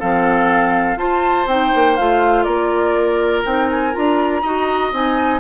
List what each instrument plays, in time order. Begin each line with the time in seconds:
0.00 bassoon F3, clarinet C4, oboe A4, flute F5
0.97 bassoon F4, clarinet F4, oboe C5, flute A5
1.47 bassoon C4, clarinet D#4, flute G5
1.75 bassoon A#3
1.97 bassoon A3, clarinet F4, flute F5
2.44 bassoon A#3, oboe A#4, flute D5
3.45 bassoon C4, clarinet D#4, flute G5
3.70 flute G#5
3.92 bassoon D4, clarinet F4, flute A#5
4.43 bassoon D#4, clarinet F#4, oboe D#5
4.93 bassoon C4, clarinet D#4, flute G#5